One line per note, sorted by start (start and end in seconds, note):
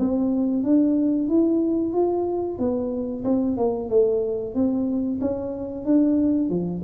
0.00 0.64 C4
0.64 1.29 D4
1.29 1.94 E4
1.94 2.59 F4
2.59 3.25 B3
3.25 3.58 C4
3.58 3.90 A#3
3.90 4.55 A3
4.55 5.20 C4
5.22 5.85 C#4
5.85 6.50 D4
6.50 6.82 F3